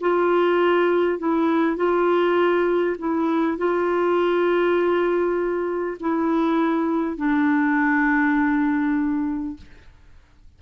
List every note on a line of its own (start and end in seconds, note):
0.00 1.19 F4
1.19 1.76 E4
1.76 2.96 F4
2.98 3.58 E4
3.58 5.98 F4
6.00 7.16 E4
7.16 9.56 D4